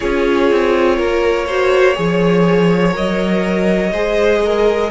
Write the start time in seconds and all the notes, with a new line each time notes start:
0.00 C#4 F4 G#4 C#5
0.51 C4
0.96 A#3 A#4
1.47 F#4 C5
1.94 F3 G#4 C#5
2.92 F#3 A#4 D#5
3.91 G#3 G#4 C5
4.44 A#4